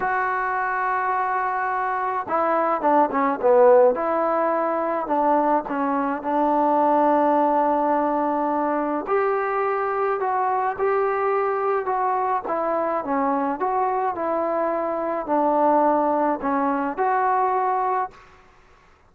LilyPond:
\new Staff \with { instrumentName = "trombone" } { \time 4/4 \tempo 4 = 106 fis'1 | e'4 d'8 cis'8 b4 e'4~ | e'4 d'4 cis'4 d'4~ | d'1 |
g'2 fis'4 g'4~ | g'4 fis'4 e'4 cis'4 | fis'4 e'2 d'4~ | d'4 cis'4 fis'2 | }